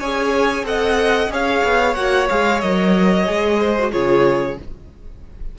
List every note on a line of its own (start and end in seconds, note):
0.00 0.64 C#4
0.00 0.65 G#4
0.00 0.65 C#5
0.00 0.65 G#5
0.64 1.29 C4
0.64 1.30 A4
0.64 1.33 D#5
0.64 1.32 F#5
1.30 1.62 C#4
1.30 1.96 G#4
1.30 3.60 C#5
1.30 1.95 F5
1.64 1.96 B3
1.95 2.29 A#3
1.95 2.29 F#4
1.95 2.28 F#5
2.30 2.63 G#3
2.30 2.63 G#4
2.30 2.61 F5
2.61 3.28 F#3
2.61 3.26 A#4
2.61 3.91 D#5
3.26 3.94 G#3
3.26 3.75 G#4
3.60 3.93 C5
3.79 3.92 F#4
3.92 4.59 C#3
3.92 4.57 F4
3.92 4.58 G#4
3.92 4.58 C#5